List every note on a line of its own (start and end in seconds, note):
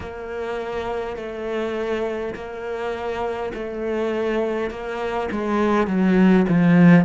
0.00 1.16 A#3
1.16 2.34 A3
2.34 3.52 A#3
3.53 4.70 A3
4.70 5.29 A#3
5.30 5.87 G#3
5.87 6.45 F#3
6.48 7.05 F3